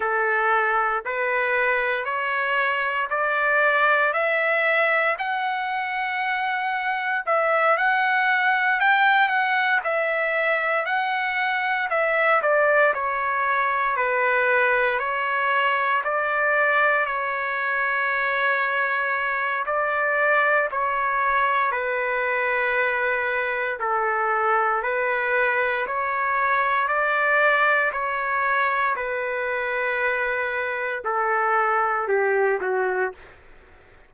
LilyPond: \new Staff \with { instrumentName = "trumpet" } { \time 4/4 \tempo 4 = 58 a'4 b'4 cis''4 d''4 | e''4 fis''2 e''8 fis''8~ | fis''8 g''8 fis''8 e''4 fis''4 e''8 | d''8 cis''4 b'4 cis''4 d''8~ |
d''8 cis''2~ cis''8 d''4 | cis''4 b'2 a'4 | b'4 cis''4 d''4 cis''4 | b'2 a'4 g'8 fis'8 | }